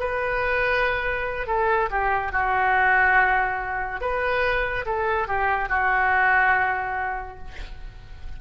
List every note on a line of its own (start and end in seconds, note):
0.00 1.48 B4
1.48 1.90 A4
1.91 2.32 G4
2.32 4.01 F#4
4.01 4.86 B4
4.86 5.28 A4
5.28 5.69 G4
5.69 7.38 F#4